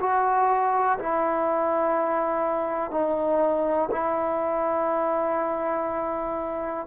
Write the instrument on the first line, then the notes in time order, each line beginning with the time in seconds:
trombone
0.00 F#4
0.99 E4
2.91 D#4
3.91 E4